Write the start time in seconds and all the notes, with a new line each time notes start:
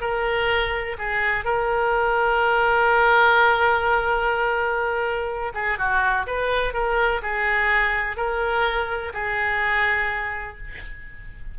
0.00 A#4
0.98 G#4
1.44 A#4
5.54 G#4
5.78 F#4
6.26 B4
6.73 A#4
7.22 G#4
8.16 A#4
9.13 G#4